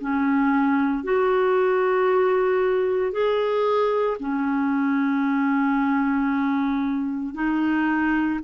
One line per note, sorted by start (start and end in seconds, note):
0.00 1.03 C#4
1.03 3.11 F#4
3.11 4.17 G#4
4.19 7.34 C#4
7.34 8.39 D#4